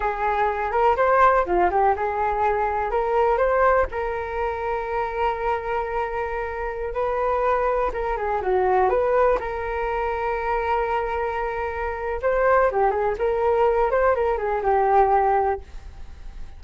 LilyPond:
\new Staff \with { instrumentName = "flute" } { \time 4/4 \tempo 4 = 123 gis'4. ais'8 c''4 f'8 g'8 | gis'2 ais'4 c''4 | ais'1~ | ais'2~ ais'16 b'4.~ b'16~ |
b'16 ais'8 gis'8 fis'4 b'4 ais'8.~ | ais'1~ | ais'4 c''4 g'8 gis'8 ais'4~ | ais'8 c''8 ais'8 gis'8 g'2 | }